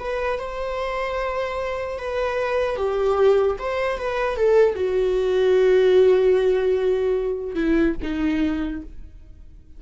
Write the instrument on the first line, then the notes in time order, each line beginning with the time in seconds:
viola
0.00 B4
0.40 C5
1.99 B4
2.77 G4
3.59 C5
3.98 B4
4.37 A4
4.75 F#4
7.56 E4
8.03 D#4